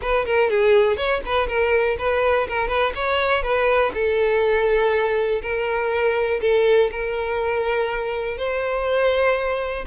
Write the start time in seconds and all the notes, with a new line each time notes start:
0.01 B4
0.25 A#4
0.50 G#4
0.96 C#5
1.25 B4
1.47 A#4
1.98 B4
2.48 A#4
2.68 B4
2.95 C#5
3.42 B4
3.94 A4
5.42 A#4
6.41 A4
6.91 A#4
8.37 C5